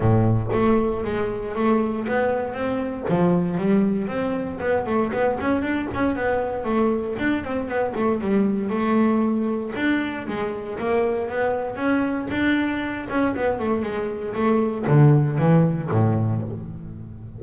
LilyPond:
\new Staff \with { instrumentName = "double bass" } { \time 4/4 \tempo 4 = 117 a,4 a4 gis4 a4 | b4 c'4 f4 g4 | c'4 b8 a8 b8 cis'8 d'8 cis'8 | b4 a4 d'8 c'8 b8 a8 |
g4 a2 d'4 | gis4 ais4 b4 cis'4 | d'4. cis'8 b8 a8 gis4 | a4 d4 e4 a,4 | }